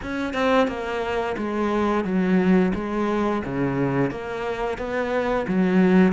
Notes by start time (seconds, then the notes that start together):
0.02 C#4
0.33 C4
0.67 A#3
1.37 G#3
2.04 F#3
2.74 G#3
3.44 C#3
4.10 A#3
4.78 B3
5.47 F#3